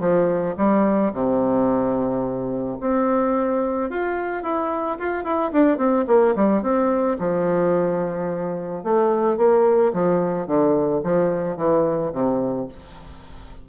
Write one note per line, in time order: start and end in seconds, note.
0.00 0.55 F3
0.57 1.12 G3
1.13 2.78 C3
2.80 3.90 C4
3.90 4.43 F4
4.43 4.98 E4
4.99 5.24 F4
5.24 5.51 E4
5.52 5.77 D4
5.77 6.05 C4
6.07 6.35 A#3
6.36 6.62 G3
6.62 7.17 C4
7.19 8.84 F3
8.84 9.37 A3
9.37 9.92 A#3
9.93 10.47 F3
10.47 11.02 D3
11.04 11.57 F3
11.57 12.12 E3
12.13 12.68 C3